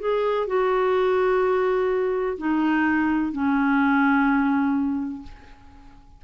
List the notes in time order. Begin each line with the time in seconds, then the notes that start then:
0.00 G#4
0.47 F#4
2.38 D#4
3.32 C#4